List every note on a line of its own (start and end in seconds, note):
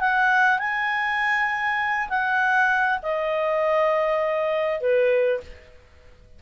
0.00 0.59 F#5
0.59 2.09 G#5
2.09 2.99 F#5
3.02 4.80 D#5
4.80 5.40 B4